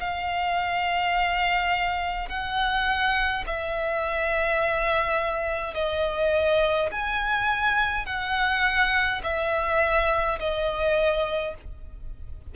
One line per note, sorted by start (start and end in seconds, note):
0.00 2.29 F5
2.29 3.44 F#5
3.47 5.74 E5
5.74 6.90 D#5
6.92 8.06 G#5
8.06 9.22 F#5
9.24 10.39 E5
10.40 11.55 D#5